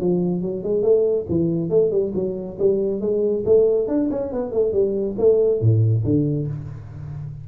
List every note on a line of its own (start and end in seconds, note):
0.00 0.41 F3
0.41 0.63 F#3
0.63 0.82 G#3
0.82 1.25 A3
1.29 1.69 E3
1.69 1.91 A3
1.91 2.12 G3
2.14 2.58 F#3
2.59 3.00 G3
3.00 3.43 G#3
3.45 3.87 A3
3.87 4.09 D4
4.10 4.32 C#4
4.32 4.51 B3
4.51 4.72 A3
4.72 5.16 G3
5.18 5.60 A3
5.60 6.04 A2
6.04 6.47 D3